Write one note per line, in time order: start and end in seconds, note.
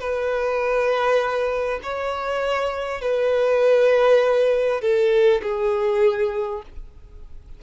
0.00 1.80 B4
1.82 3.01 C#5
3.01 4.81 B4
4.81 5.41 A4
5.42 6.62 G#4